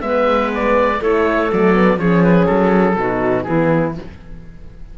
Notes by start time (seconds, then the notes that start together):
0.00 G#3 B3 B4 E5
0.55 D5
1.00 A3 E4 A4 C#5
1.52 F#3 A3 D5
1.74 B3
1.98 F3 C#4 G#4 C#5
2.24 B4
2.46 F#3 A4
2.96 B2 D#4 F#4
3.43 E3 B3 E4 G#4